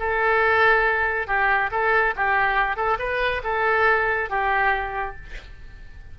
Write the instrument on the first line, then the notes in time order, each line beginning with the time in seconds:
oboe
0.00 A4
1.27 G4
1.71 A4
2.16 G4
2.76 A4
2.99 B4
3.44 A4
4.30 G4